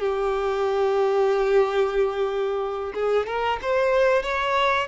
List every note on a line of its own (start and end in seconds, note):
0.00 2.93 G4
2.94 3.27 G#4
3.27 3.60 A#4
3.62 4.23 C5
4.23 4.88 C#5